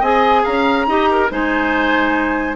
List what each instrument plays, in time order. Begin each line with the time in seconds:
0.00 bassoon C4, clarinet G#4, oboe D#5, flute G#5
0.43 bassoon C#4, oboe F5, flute A#5
0.87 bassoon D#4, clarinet G4, oboe D#5
1.11 oboe A#4
1.30 bassoon G#3, clarinet D#4, oboe C5, flute G#5